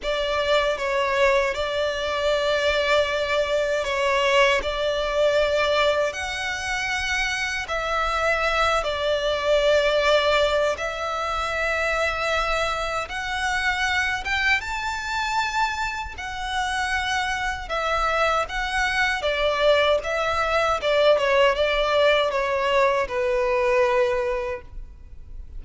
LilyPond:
\new Staff \with { instrumentName = "violin" } { \time 4/4 \tempo 4 = 78 d''4 cis''4 d''2~ | d''4 cis''4 d''2 | fis''2 e''4. d''8~ | d''2 e''2~ |
e''4 fis''4. g''8 a''4~ | a''4 fis''2 e''4 | fis''4 d''4 e''4 d''8 cis''8 | d''4 cis''4 b'2 | }